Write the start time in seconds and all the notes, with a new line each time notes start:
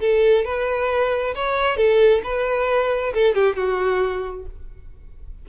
0.00 A4
0.45 B4
1.35 C#5
1.77 A4
2.23 B4
3.13 A4
3.35 G4
3.56 F#4